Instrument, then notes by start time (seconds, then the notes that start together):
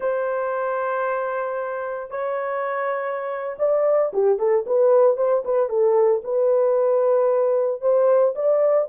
horn
0.00 C5
2.10 C#5
3.58 D5
4.13 G4
4.38 A4
4.66 B4
5.16 C5
5.44 B4
5.69 A4
6.24 B4
7.81 C5
8.35 D5